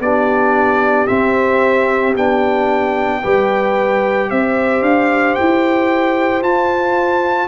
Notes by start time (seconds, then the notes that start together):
0.00 B3 D4 G4 D5
1.07 C4 E5
2.15 B3 D4 G5
3.22 G3 G4 B4
4.31 C4 C5 E5
4.82 D4 F5
5.35 E4 G5
6.42 F4 A5